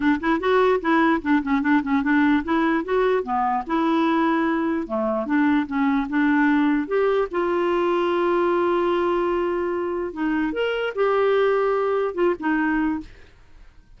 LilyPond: \new Staff \with { instrumentName = "clarinet" } { \time 4/4 \tempo 4 = 148 d'8 e'8 fis'4 e'4 d'8 cis'8 | d'8 cis'8 d'4 e'4 fis'4 | b4 e'2. | a4 d'4 cis'4 d'4~ |
d'4 g'4 f'2~ | f'1~ | f'4 dis'4 ais'4 g'4~ | g'2 f'8 dis'4. | }